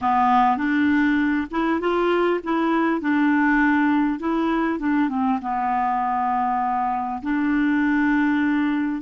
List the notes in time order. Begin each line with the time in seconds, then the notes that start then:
0.01 B3
0.57 D4
1.51 E4
1.80 F4
2.43 E4
3.00 D4
4.19 E4
4.79 D4
5.09 C4
5.41 B3
7.22 D4